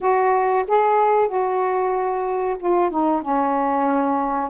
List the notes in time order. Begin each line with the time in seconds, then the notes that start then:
0.00 F#4
0.67 G#4
1.27 F#4
2.59 F4
2.90 D#4
3.21 C#4